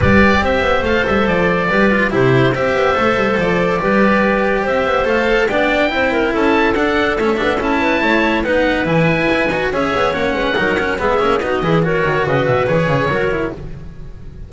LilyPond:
<<
  \new Staff \with { instrumentName = "oboe" } { \time 4/4 \tempo 4 = 142 d''4 e''4 f''8 e''8 d''4~ | d''4 c''4 e''2 | d''2. e''4 | f''4 g''2 a''4 |
fis''4 e''4 a''2 | fis''4 gis''2 e''4 | fis''2 e''4 dis''4 | cis''4 dis''8 e''8 cis''2 | }
  \new Staff \with { instrumentName = "clarinet" } { \time 4/4 b'4 c''2. | b'4 g'4 c''2~ | c''4 b'2 c''4~ | c''4 d''4 c''8 ais'8 a'4~ |
a'2~ a'8 b'8 cis''4 | b'2. cis''4~ | cis''8 b'8 ais'4 gis'4 fis'8 gis'8 | ais'4 b'2 ais'4 | }
  \new Staff \with { instrumentName = "cello" } { \time 4/4 g'2 a'2 | g'8 f'8 e'4 g'4 a'4~ | a'4 g'2. | a'4 d'4 e'2 |
d'4 cis'8 d'8 e'2 | dis'4 e'4. fis'8 gis'4 | cis'4 dis'8 cis'8 b8 cis'8 dis'8 e'8 | fis'2 gis'4 fis'8 e'8 | }
  \new Staff \with { instrumentName = "double bass" } { \time 4/4 g4 c'8 b8 a8 g8 f4 | g4 c4 c'8 b8 a8 g8 | f4 g2 c'8 b8 | a4 b4 c'4 cis'4 |
d'4 a8 b8 cis'4 a4 | b4 e4 e'8 dis'8 cis'8 b8 | ais8 gis8 fis4 gis8 ais8 b8 e8~ | e8 dis8 cis8 b,8 e8 cis8 fis4 | }
>>